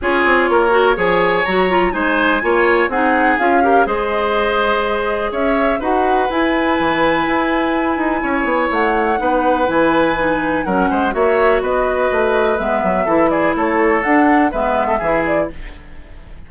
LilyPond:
<<
  \new Staff \with { instrumentName = "flute" } { \time 4/4 \tempo 4 = 124 cis''2 gis''4 ais''4 | gis''2 fis''4 f''4 | dis''2. e''4 | fis''4 gis''2.~ |
gis''2 fis''2 | gis''2 fis''4 e''4 | dis''2 e''4. d''8 | cis''4 fis''4 e''4. d''8 | }
  \new Staff \with { instrumentName = "oboe" } { \time 4/4 gis'4 ais'4 cis''2 | c''4 cis''4 gis'4. ais'8 | c''2. cis''4 | b'1~ |
b'4 cis''2 b'4~ | b'2 ais'8 c''8 cis''4 | b'2. a'8 gis'8 | a'2 b'8. a'16 gis'4 | }
  \new Staff \with { instrumentName = "clarinet" } { \time 4/4 f'4. fis'8 gis'4 fis'8 f'8 | dis'4 f'4 dis'4 f'8 g'8 | gis'1 | fis'4 e'2.~ |
e'2. dis'4 | e'4 dis'4 cis'4 fis'4~ | fis'2 b4 e'4~ | e'4 d'4 b4 e'4 | }
  \new Staff \with { instrumentName = "bassoon" } { \time 4/4 cis'8 c'8 ais4 f4 fis4 | gis4 ais4 c'4 cis'4 | gis2. cis'4 | dis'4 e'4 e4 e'4~ |
e'8 dis'8 cis'8 b8 a4 b4 | e2 fis8 gis8 ais4 | b4 a4 gis8 fis8 e4 | a4 d'4 gis4 e4 | }
>>